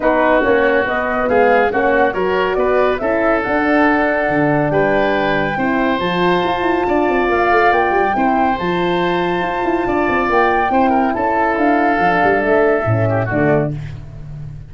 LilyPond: <<
  \new Staff \with { instrumentName = "flute" } { \time 4/4 \tempo 4 = 140 b'4 cis''4 dis''4 f''4 | fis''4 cis''4 d''4 e''4 | fis''2. g''4~ | g''2 a''2~ |
a''4 f''4 g''2 | a''1 | g''2 a''4 f''4~ | f''4 e''2 d''4 | }
  \new Staff \with { instrumentName = "oboe" } { \time 4/4 fis'2. gis'4 | fis'4 ais'4 b'4 a'4~ | a'2. b'4~ | b'4 c''2. |
d''2. c''4~ | c''2. d''4~ | d''4 c''8 ais'8 a'2~ | a'2~ a'8 g'8 fis'4 | }
  \new Staff \with { instrumentName = "horn" } { \time 4/4 dis'4 cis'4 b2 | cis'4 fis'2 e'4 | d'1~ | d'4 e'4 f'2~ |
f'2. e'4 | f'1~ | f'4 e'2. | d'2 cis'4 a4 | }
  \new Staff \with { instrumentName = "tuba" } { \time 4/4 b4 ais4 b4 gis4 | ais4 fis4 b4 cis'4 | d'2 d4 g4~ | g4 c'4 f4 f'8 e'8 |
d'8 c'8 ais8 a8 ais8 g8 c'4 | f2 f'8 e'8 d'8 c'8 | ais4 c'4 cis'4 d'4 | f8 g8 a4 a,4 d4 | }
>>